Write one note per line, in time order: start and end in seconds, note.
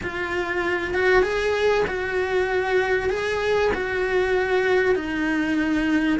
0.03 0.94 F4
0.94 1.22 F#4
1.22 1.84 G#4
1.87 3.09 F#4
3.09 3.71 G#4
3.74 4.95 F#4
4.95 6.19 D#4